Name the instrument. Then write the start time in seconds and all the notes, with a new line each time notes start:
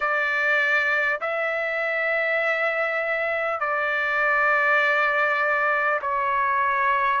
trumpet
0.00 D5
1.21 E5
3.59 D5
6.01 C#5